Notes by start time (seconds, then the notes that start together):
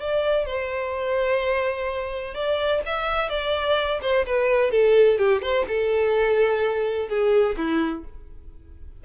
0.00 D5
0.46 C5
2.34 D5
2.86 E5
3.29 D5
4.02 C5
4.26 B4
4.71 A4
5.18 G4
5.42 C5
5.68 A4
7.08 G#4
7.57 E4